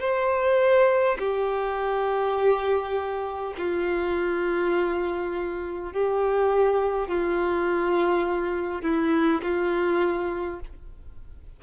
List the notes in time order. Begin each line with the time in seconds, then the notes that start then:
0.00 C5
1.19 G4
3.58 F4
5.94 G4
7.09 F4
8.82 E4
9.43 F4